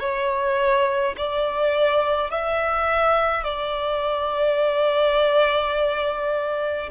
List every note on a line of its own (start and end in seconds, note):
0.00 1.15 C#5
1.17 2.31 D5
2.31 3.44 E5
3.44 6.90 D5